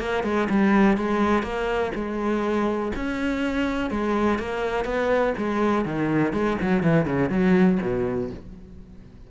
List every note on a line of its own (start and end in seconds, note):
0.00 0.24 A#3
0.24 0.48 G#3
0.50 0.97 G3
0.97 1.43 G#3
1.43 1.92 A#3
1.95 2.92 G#3
2.96 3.91 C#4
3.91 4.39 G#3
4.39 4.85 A#3
4.85 5.34 B3
5.38 5.85 G#3
5.85 6.33 D#3
6.33 6.57 G#3
6.62 6.83 F#3
6.83 7.06 E3
7.06 7.30 C#3
7.30 7.79 F#3
7.82 8.31 B2